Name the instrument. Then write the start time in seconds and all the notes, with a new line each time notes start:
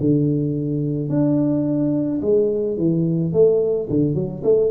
tuba
0.00 D3
1.09 D4
2.22 G#3
2.78 E3
3.33 A3
3.90 D3
4.15 F#3
4.44 A3